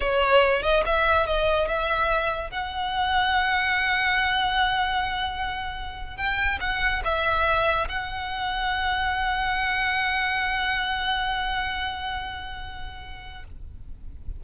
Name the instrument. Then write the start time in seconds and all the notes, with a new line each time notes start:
violin
0.00 C#5
0.62 D#5
0.85 E5
1.26 D#5
1.68 E5
2.50 F#5
6.16 G5
6.60 F#5
7.04 E5
7.88 F#5